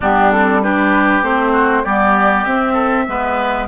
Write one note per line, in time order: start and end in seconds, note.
0.00 1.22 G3
0.00 0.32 B3
0.00 0.61 D4
0.00 0.31 G4
0.31 0.62 C4
0.31 0.62 A4
0.62 1.23 D4
0.62 1.52 G4
0.62 1.23 B4
1.22 1.83 A3
1.22 1.84 C4
1.22 1.84 C5
1.52 1.83 F#4
1.84 2.45 G3
1.84 2.46 B3
1.84 2.73 G4
1.84 2.44 D5
2.44 3.06 C4
2.44 3.07 C4
2.44 3.67 E5
2.73 3.03 A4
3.07 3.68 G#3
3.07 3.68 B3
3.07 3.68 B4